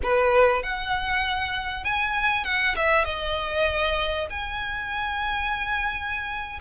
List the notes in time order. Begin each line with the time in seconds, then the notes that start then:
0.03 B4
0.63 F#5
1.84 G#5
2.44 F#5
2.75 E5
3.04 D#5
4.29 G#5